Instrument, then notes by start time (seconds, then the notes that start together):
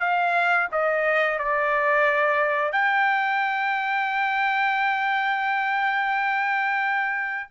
trumpet
0.00 F5
0.72 D#5
1.39 D5
2.72 G5